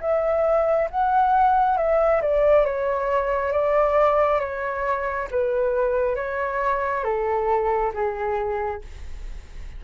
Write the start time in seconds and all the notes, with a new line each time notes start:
0.00 E5
0.90 F#5
1.77 E5
2.21 D5
2.65 C#5
3.52 D5
4.40 C#5
5.30 B4
6.15 C#5
7.04 A4
7.93 G#4